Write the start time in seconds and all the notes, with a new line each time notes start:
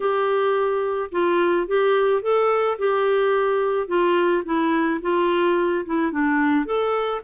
0.00 G4
1.11 F4
1.67 G4
2.22 A4
2.78 G4
3.87 F4
4.44 E4
5.01 F4
5.85 E4
6.11 D4
6.65 A4